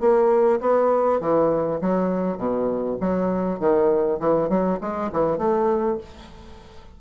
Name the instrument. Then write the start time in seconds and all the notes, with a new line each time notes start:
bassoon
0.00 A#3
0.60 B3
1.20 E3
1.81 F#3
2.37 B2
3.00 F#3
3.59 D#3
4.19 E3
4.49 F#3
4.81 G#3
5.12 E3
5.38 A3